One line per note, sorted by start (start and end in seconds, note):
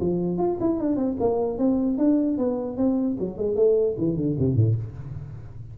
0.00 0.37 F3
0.37 0.57 F4
0.60 0.79 E4
0.79 0.96 D4
0.96 1.16 C4
1.20 1.58 A#3
1.58 1.98 C4
1.98 2.37 D4
2.37 2.77 B3
2.77 3.17 C4
3.19 3.37 F#3
3.37 3.55 G#3
3.55 3.95 A3
3.97 4.16 E3
4.16 4.36 D3
4.38 4.55 C3
4.55 4.75 A2